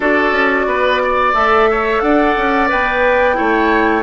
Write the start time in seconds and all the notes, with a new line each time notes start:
0.00 D4 F#4 A4 D5
0.31 C#4
0.65 B3 B4
1.03 D5
1.33 A3 A4 E5
1.70 C#5
2.00 D4 D5 F#5
2.37 C#4
2.68 B3 B4 G5
3.34 A3 E4 C#5